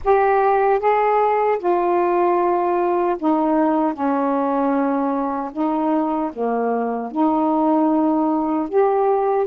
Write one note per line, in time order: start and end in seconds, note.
0.04 0.79 G4
0.79 1.58 G#4
1.58 3.16 F4
3.19 3.93 D#4
3.93 5.51 C#4
5.52 6.31 D#4
6.32 7.11 A#3
7.11 8.68 D#4
8.68 9.47 G4